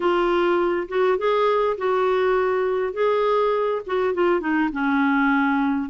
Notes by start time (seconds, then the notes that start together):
0.00 F4
0.88 F#4
1.18 G#4
1.77 F#4
2.93 G#4
3.86 F#4
4.14 F4
4.40 D#4
4.72 C#4